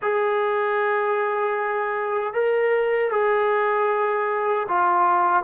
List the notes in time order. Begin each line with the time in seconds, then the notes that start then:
0.02 G#4
2.33 A#4
3.11 G#4
4.68 F4